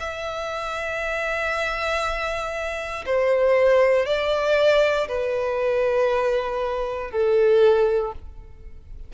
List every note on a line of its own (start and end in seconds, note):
0.00 3.05 E5
3.06 4.06 C5
4.06 5.08 D5
5.08 7.11 B4
7.11 8.13 A4